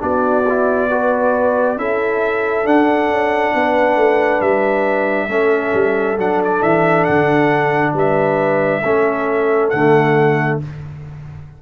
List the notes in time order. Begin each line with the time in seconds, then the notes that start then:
0.00 B3 D4 F#4 D5
0.49 E4
0.91 F#4 B4
1.77 C#4 E4 A4 E5
2.64 D4 F#5
3.10 C#4
3.55 B3 B4
3.96 A3
4.41 G3 E5
5.28 A3 C#4 A4
5.74 G3
6.18 F#3 D4 F#5
6.44 D5
6.62 E3 E5
7.05 D3 F#5
7.94 G3 B4 E5
8.84 A3 C#4 A4
9.70 D3 A3 F#5